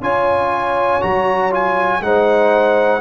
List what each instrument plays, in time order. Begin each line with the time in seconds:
0.00 tuba C#4, trombone F4, horn C#5, trumpet G#5
1.01 tuba F#3, trombone F#4, trumpet A#5
1.51 trombone F4, trumpet G#5
2.01 tuba G#3, trombone D#4, horn C5, trumpet F#5